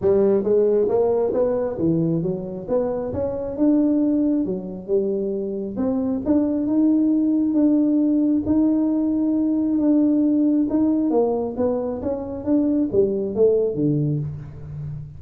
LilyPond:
\new Staff \with { instrumentName = "tuba" } { \time 4/4 \tempo 4 = 135 g4 gis4 ais4 b4 | e4 fis4 b4 cis'4 | d'2 fis4 g4~ | g4 c'4 d'4 dis'4~ |
dis'4 d'2 dis'4~ | dis'2 d'2 | dis'4 ais4 b4 cis'4 | d'4 g4 a4 d4 | }